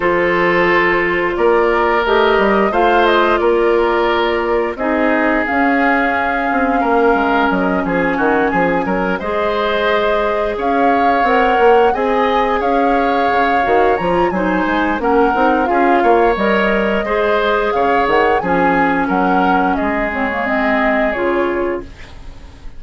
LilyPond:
<<
  \new Staff \with { instrumentName = "flute" } { \time 4/4 \tempo 4 = 88 c''2 d''4 dis''4 | f''8 dis''8 d''2 dis''4 | f''2. dis''8 gis''8~ | gis''4. dis''2 f''8~ |
f''8 fis''4 gis''4 f''4.~ | f''8 ais''8 gis''4 fis''4 f''4 | dis''2 f''8 fis''8 gis''4 | fis''4 dis''8 cis''8 dis''4 cis''4 | }
  \new Staff \with { instrumentName = "oboe" } { \time 4/4 a'2 ais'2 | c''4 ais'2 gis'4~ | gis'2 ais'4. gis'8 | fis'8 gis'8 ais'8 c''2 cis''8~ |
cis''4. dis''4 cis''4.~ | cis''4 c''4 ais'4 gis'8 cis''8~ | cis''4 c''4 cis''4 gis'4 | ais'4 gis'2. | }
  \new Staff \with { instrumentName = "clarinet" } { \time 4/4 f'2. g'4 | f'2. dis'4 | cis'1~ | cis'4. gis'2~ gis'8~ |
gis'8 ais'4 gis'2~ gis'8 | fis'8 f'8 dis'4 cis'8 dis'8 f'4 | ais'4 gis'2 cis'4~ | cis'4. c'16 ais16 c'4 f'4 | }
  \new Staff \with { instrumentName = "bassoon" } { \time 4/4 f2 ais4 a8 g8 | a4 ais2 c'4 | cis'4. c'8 ais8 gis8 fis8 f8 | dis8 f8 fis8 gis2 cis'8~ |
cis'8 c'8 ais8 c'4 cis'4 cis8 | dis8 f8 fis8 gis8 ais8 c'8 cis'8 ais8 | g4 gis4 cis8 dis8 f4 | fis4 gis2 cis4 | }
>>